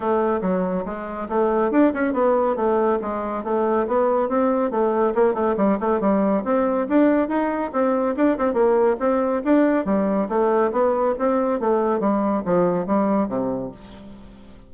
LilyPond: \new Staff \with { instrumentName = "bassoon" } { \time 4/4 \tempo 4 = 140 a4 fis4 gis4 a4 | d'8 cis'8 b4 a4 gis4 | a4 b4 c'4 a4 | ais8 a8 g8 a8 g4 c'4 |
d'4 dis'4 c'4 d'8 c'8 | ais4 c'4 d'4 g4 | a4 b4 c'4 a4 | g4 f4 g4 c4 | }